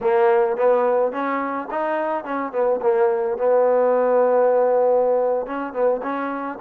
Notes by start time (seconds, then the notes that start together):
0.01 A#3
0.56 B3
1.12 C#4
1.71 D#4
2.24 C#4
2.52 B3
2.81 A#3
3.37 B3
5.46 C#4
5.73 B3
6.02 C#4